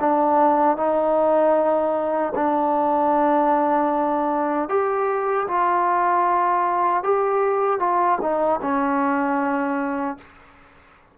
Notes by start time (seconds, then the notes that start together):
0.00 D4
0.77 D#4
2.35 D4
4.69 G4
5.48 F4
7.03 G4
7.79 F4
8.21 D#4
8.62 C#4